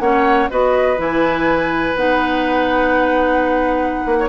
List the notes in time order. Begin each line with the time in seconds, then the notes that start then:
0.00 A#3 C#4 C#5 F#5
0.50 B3 F#4 B4 D#5
0.97 E3 E4 G#5
1.95 B3 D#4 F#5
4.06 A#3
4.20 C#5